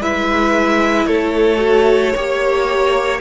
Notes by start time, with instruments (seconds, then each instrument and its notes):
0.00 cello G#3, viola E4, violin B4 E5
1.07 cello A3, violin A4 C#5
1.58 viola F#4
2.14 cello A#3, viola G4, violin C#5